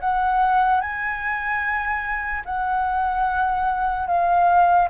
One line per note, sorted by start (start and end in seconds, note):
0.00 0.81 F#5
0.81 2.43 G#5
2.45 4.07 F#5
4.07 4.88 F5